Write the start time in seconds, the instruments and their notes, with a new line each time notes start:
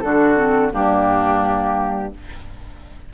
0.00 bassoon D3, clarinet D4, oboe F#4, flute A4
0.36 clarinet C4
0.70 bassoon G2, clarinet A#3, oboe D4, flute G4